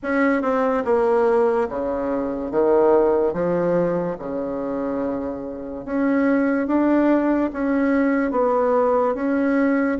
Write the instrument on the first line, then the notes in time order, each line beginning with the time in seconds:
bassoon
0.02 C#4
0.42 C4
0.84 A#3
1.68 C#3
2.51 D#3
3.33 F3
4.18 C#3
5.85 C#4
6.67 D4
7.52 C#4
8.31 B3
9.14 C#4